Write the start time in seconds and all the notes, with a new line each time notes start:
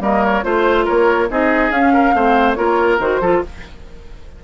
0.00 G3 A#3 A#4 D#5
0.24 C#5
0.43 A3 F4 C5
0.84 A#3 A#4 C#5
1.30 C4 D#4 G#4 D#5
1.70 C#4 F5
1.93 A#4
2.14 A3 C4 C5
2.54 A#3 F4 A#4 C#5
2.99 D#3 F#4 C5
3.21 F3 F4 A4